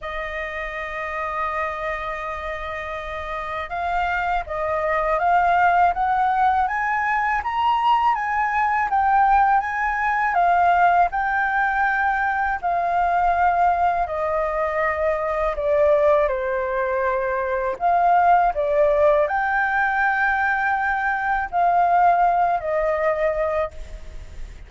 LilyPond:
\new Staff \with { instrumentName = "flute" } { \time 4/4 \tempo 4 = 81 dis''1~ | dis''4 f''4 dis''4 f''4 | fis''4 gis''4 ais''4 gis''4 | g''4 gis''4 f''4 g''4~ |
g''4 f''2 dis''4~ | dis''4 d''4 c''2 | f''4 d''4 g''2~ | g''4 f''4. dis''4. | }